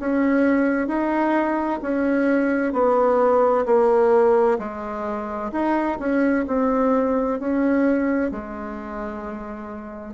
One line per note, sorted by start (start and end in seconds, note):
0.00 0.88 C#4
0.88 1.80 D#4
1.83 2.73 C#4
2.73 3.65 B3
3.66 4.58 A#3
4.59 5.51 G#3
5.52 5.98 D#4
6.00 6.46 C#4
6.47 7.40 C4
7.40 8.32 C#4
8.32 10.15 G#3